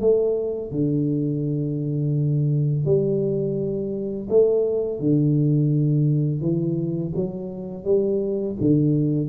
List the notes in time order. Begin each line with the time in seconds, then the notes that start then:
0.00 A3
0.71 D3
2.85 G3
4.29 A3
4.99 D3
6.41 E3
7.16 F#3
7.84 G3
8.60 D3